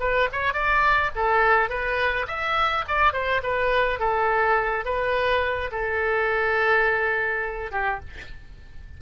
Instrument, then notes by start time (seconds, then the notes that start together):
oboe
0.00 B4
0.32 C#5
0.54 D5
1.15 A4
1.69 B4
2.28 E5
2.88 D5
3.13 C5
3.43 B4
3.99 A4
4.85 B4
5.71 A4
7.71 G4